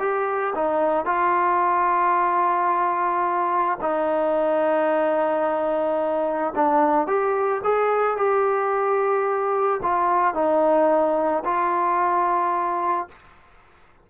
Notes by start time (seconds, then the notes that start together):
0.00 G4
0.56 D#4
1.06 F4
3.82 D#4
6.56 D4
7.07 G4
7.64 G#4
8.17 G4
9.83 F4
10.35 D#4
11.45 F4